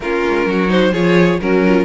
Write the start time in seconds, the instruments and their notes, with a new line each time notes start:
0.00 cello A#3, viola C#4, violin F4 A#4
0.28 cello G#3
0.46 cello F#3, violin F#4
0.68 viola D#4, violin C5
0.92 cello F3, viola F4, violin G#4 C#5
1.40 cello F#3, violin C#4 A#4, viola F#4
1.66 viola F4